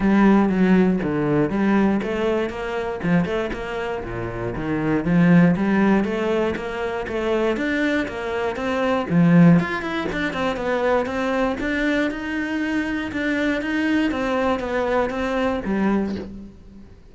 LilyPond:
\new Staff \with { instrumentName = "cello" } { \time 4/4 \tempo 4 = 119 g4 fis4 d4 g4 | a4 ais4 f8 a8 ais4 | ais,4 dis4 f4 g4 | a4 ais4 a4 d'4 |
ais4 c'4 f4 f'8 e'8 | d'8 c'8 b4 c'4 d'4 | dis'2 d'4 dis'4 | c'4 b4 c'4 g4 | }